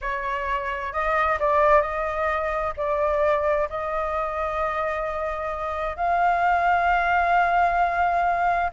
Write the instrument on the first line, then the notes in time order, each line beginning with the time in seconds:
flute
0.01 C#5
0.92 D#5
1.39 D5
1.81 D#5
2.76 D5
3.69 D#5
5.96 F5